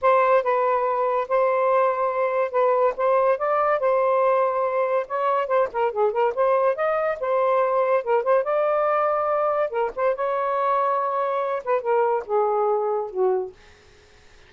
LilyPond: \new Staff \with { instrumentName = "saxophone" } { \time 4/4 \tempo 4 = 142 c''4 b'2 c''4~ | c''2 b'4 c''4 | d''4 c''2. | cis''4 c''8 ais'8 gis'8 ais'8 c''4 |
dis''4 c''2 ais'8 c''8 | d''2. ais'8 c''8 | cis''2.~ cis''8 b'8 | ais'4 gis'2 fis'4 | }